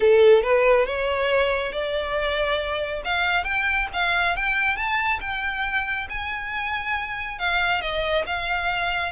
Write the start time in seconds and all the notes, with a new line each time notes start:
0.00 A4
0.42 B4
0.85 C#5
1.72 D5
3.04 F5
3.44 G5
3.93 F5
4.36 G5
4.76 A5
5.20 G5
6.09 G#5
7.39 F5
7.81 D#5
8.26 F5